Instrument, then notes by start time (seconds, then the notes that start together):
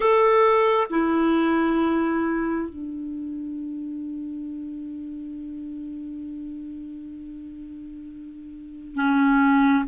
clarinet
0.00 A4
0.90 E4
2.69 D4
8.94 C#4